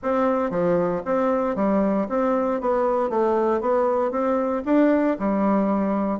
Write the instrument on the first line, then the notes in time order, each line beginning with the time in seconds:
bassoon
0.02 C4
0.50 F3
1.05 C4
1.55 G3
2.09 C4
2.60 B3
3.09 A3
3.60 B3
4.11 C4
4.65 D4
5.19 G3